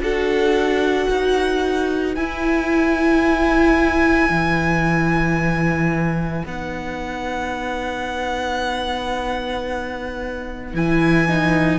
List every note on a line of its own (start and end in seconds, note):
0.00 1.07 D4
0.00 2.16 F#4
0.00 1.10 A4
0.00 2.15 F#5
1.09 2.16 D#4
1.09 11.79 B4
2.15 4.29 E4
2.15 6.45 E4
2.15 6.44 G#5
4.29 6.44 E3
6.45 10.73 B3
6.45 10.74 D#4
6.45 10.75 F#5
10.73 11.79 E3
10.73 11.27 E4
10.73 11.79 G#5
11.28 11.79 D#4